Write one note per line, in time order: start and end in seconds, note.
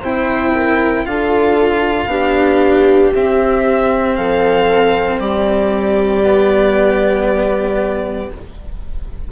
0.00 1.06 C4
0.00 1.06 E4
0.00 0.52 C5
0.00 1.06 G5
0.54 1.06 A#4
1.06 2.06 D4
1.06 2.09 F4
1.06 2.11 A4
1.06 3.13 F5
2.06 3.10 B3
2.06 3.12 D4
2.06 4.18 G4
3.14 4.17 C4
3.14 6.25 C4
3.14 4.16 E5
4.16 5.19 F3
4.16 5.21 A4
4.16 5.19 F5
5.19 8.30 G3
5.19 8.31 G4
5.19 8.30 D5
6.25 8.31 B3